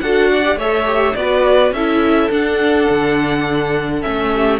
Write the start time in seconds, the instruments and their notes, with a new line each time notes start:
0.00 cello D4, viola F#4, violin A4 F#5
0.32 violin D5
0.42 viola G4
0.55 cello A3, viola A4, violin C#5 E5
0.86 viola G4
1.14 cello B3, viola F#4, violin B4 D5
1.71 cello C#4, viola E4, violin A4 E5
2.30 viola D4, cello D4, violin F#5
2.89 cello D3
4.01 cello A3, viola C#4, violin E5
4.33 violin G4